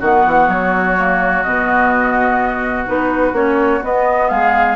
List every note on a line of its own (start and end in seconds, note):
0.00 0.25 D#3
0.00 0.97 B3
0.00 4.29 F#4
0.00 0.50 F#5
0.26 0.48 E3
0.48 1.43 F#3
0.48 1.43 C#5
0.97 1.45 A#3
1.43 2.88 B2
1.43 2.87 B3
1.43 2.86 D#5
2.87 3.33 B3
2.87 3.34 D#4
2.87 3.35 B4
3.33 3.80 A#3
3.33 3.82 C#4
3.33 3.83 C#5
3.83 4.76 B3
3.83 4.31 B3
3.83 4.29 D#5
4.29 4.76 G#3
4.29 4.76 G#4
4.29 4.76 F5